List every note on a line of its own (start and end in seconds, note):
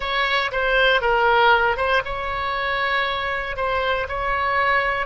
0.00 0.51 C#5
0.51 1.01 C5
1.01 1.77 A#4
1.77 2.02 C5
2.04 3.56 C#5
3.56 4.07 C5
4.08 5.06 C#5